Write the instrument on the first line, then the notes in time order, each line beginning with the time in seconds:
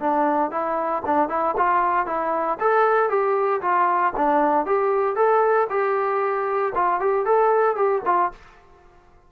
trombone
0.00 D4
0.51 E4
1.06 D4
1.29 E4
1.58 F4
2.07 E4
2.60 A4
3.10 G4
3.62 F4
4.17 D4
4.66 G4
5.16 A4
5.70 G4
6.75 F4
7.00 G4
7.26 A4
7.76 G4
8.06 F4